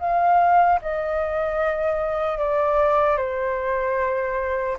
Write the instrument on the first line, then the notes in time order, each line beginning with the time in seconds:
flute
0.00 F5
0.82 D#5
2.39 D5
3.17 C5